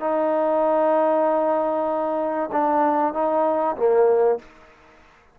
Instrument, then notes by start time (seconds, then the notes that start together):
trombone
0.00 D#4
2.52 D4
3.13 D#4
3.76 A#3